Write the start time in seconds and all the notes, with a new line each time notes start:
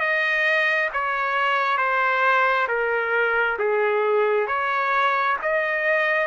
0.00 D#5
0.94 C#5
1.78 C5
2.68 A#4
3.59 G#4
4.47 C#5
5.43 D#5